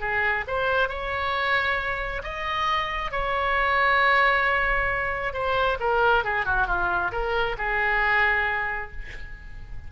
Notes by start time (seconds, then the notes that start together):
0.00 G#4
0.47 C5
0.88 C#5
2.23 D#5
3.12 C#5
5.33 C5
5.80 A#4
6.24 G#4
6.45 F#4
6.67 F4
7.12 A#4
7.58 G#4